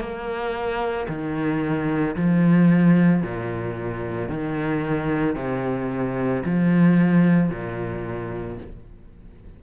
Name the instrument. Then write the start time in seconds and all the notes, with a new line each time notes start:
cello
0.00 A#3
1.09 D#3
2.16 F3
3.23 A#2
4.29 D#3
5.36 C3
6.45 F3
7.50 A#2